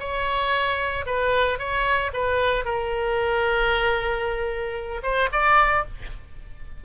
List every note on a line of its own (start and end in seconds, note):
0.00 1.05 C#5
1.06 1.59 B4
1.59 2.11 C#5
2.13 2.65 B4
2.65 5.02 A#4
5.03 5.29 C5
5.32 5.85 D5